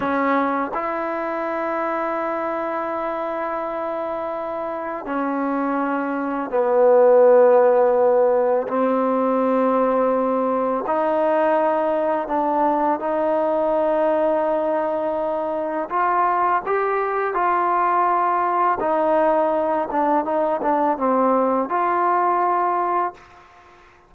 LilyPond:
\new Staff \with { instrumentName = "trombone" } { \time 4/4 \tempo 4 = 83 cis'4 e'2.~ | e'2. cis'4~ | cis'4 b2. | c'2. dis'4~ |
dis'4 d'4 dis'2~ | dis'2 f'4 g'4 | f'2 dis'4. d'8 | dis'8 d'8 c'4 f'2 | }